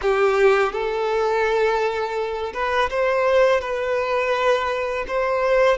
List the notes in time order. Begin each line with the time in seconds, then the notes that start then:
0.01 G4
0.72 A4
2.53 B4
2.89 C5
3.60 B4
5.07 C5